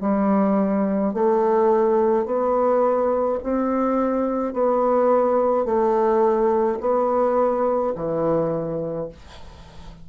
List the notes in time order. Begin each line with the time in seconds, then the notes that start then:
0.00 G3
1.13 A3
2.25 B3
3.43 C4
4.53 B3
5.64 A3
6.80 B3
7.95 E3